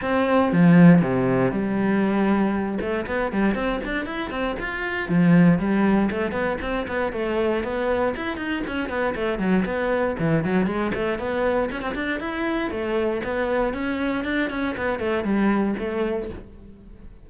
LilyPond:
\new Staff \with { instrumentName = "cello" } { \time 4/4 \tempo 4 = 118 c'4 f4 c4 g4~ | g4. a8 b8 g8 c'8 d'8 | e'8 c'8 f'4 f4 g4 | a8 b8 c'8 b8 a4 b4 |
e'8 dis'8 cis'8 b8 a8 fis8 b4 | e8 fis8 gis8 a8 b4 cis'16 c'16 d'8 | e'4 a4 b4 cis'4 | d'8 cis'8 b8 a8 g4 a4 | }